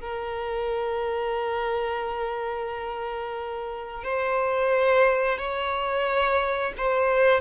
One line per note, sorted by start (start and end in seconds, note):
0.00 4.03 A#4
4.03 5.38 C5
5.38 6.73 C#5
6.77 7.40 C5